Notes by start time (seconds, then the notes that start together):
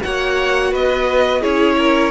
0.00 A#3 F#4 C#5 F#5
0.71 B3 B4 D#5
1.41 C#4 E4 G#4 C#5
1.78 A#4